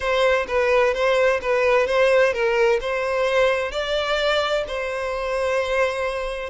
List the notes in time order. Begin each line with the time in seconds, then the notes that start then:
0.00 C5
0.47 B4
0.93 C5
1.41 B4
1.86 C5
2.33 A#4
2.80 C5
3.71 D5
4.67 C5